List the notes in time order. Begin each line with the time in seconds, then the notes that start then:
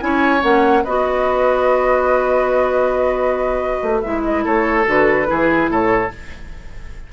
0.00 C#4 E4 C#5 G#5
0.42 A#3 C#4 F#5
0.84 B3 F#4 B4 D#5
3.82 A3
4.01 G#3 E4 E5
4.24 D#5
4.44 A3 A4 C#5
4.86 D3 F#4 B4
5.26 E3 E4 G#4
5.69 A2 A4 C#5